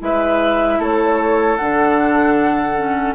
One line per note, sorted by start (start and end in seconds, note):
0.00 0.79 G#3
0.00 1.58 E4
0.00 0.79 B4
0.00 0.82 E5
0.79 1.58 A3
0.79 3.15 A4
0.79 1.57 C#5
1.57 3.15 D3
1.57 2.77 D4
1.57 3.15 F#5
2.77 3.15 C#4